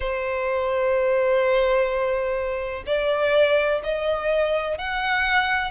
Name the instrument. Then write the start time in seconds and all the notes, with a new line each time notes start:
violin
0.00 C5
2.86 D5
3.83 D#5
4.78 F#5